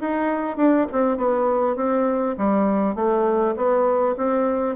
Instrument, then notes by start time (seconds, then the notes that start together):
bassoon
0.00 D#4
0.56 D4
0.92 C4
1.17 B3
1.76 C4
2.37 G3
2.95 A3
3.56 B3
4.17 C4